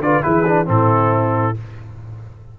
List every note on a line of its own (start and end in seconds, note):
0.00 0.22 D3
0.00 0.23 F4
0.00 0.24 B4
0.00 0.23 D5
0.23 0.69 E3
0.23 0.45 E4
0.23 0.68 G#4
0.23 0.67 B4
0.46 0.66 D4
0.66 1.57 A2
0.66 1.54 C4
0.66 1.59 E4
0.66 1.58 A4